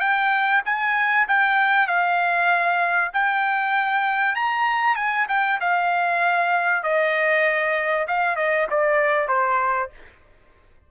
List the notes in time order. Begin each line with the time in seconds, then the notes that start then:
0.00 G5
0.65 G#5
1.28 G5
1.88 F5
3.13 G5
4.35 A#5
4.96 G#5
5.29 G5
5.61 F5
6.83 D#5
8.08 F5
8.36 D#5
8.71 D5
9.28 C5